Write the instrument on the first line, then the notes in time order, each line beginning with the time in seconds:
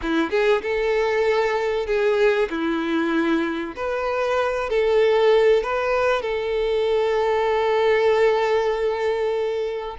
violin
0.02 E4
0.30 G#4
0.62 A4
1.86 G#4
2.49 E4
3.76 B4
4.69 A4
5.62 B4
6.22 A4